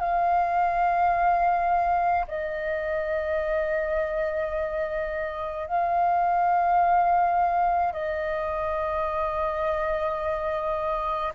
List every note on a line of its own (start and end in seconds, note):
0.00 2.26 F5
2.28 5.68 D#5
5.68 7.93 F5
7.93 11.33 D#5